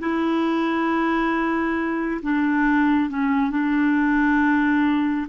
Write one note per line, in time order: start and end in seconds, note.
0.00 2.21 E4
2.23 3.10 D4
3.10 3.50 C#4
3.50 5.27 D4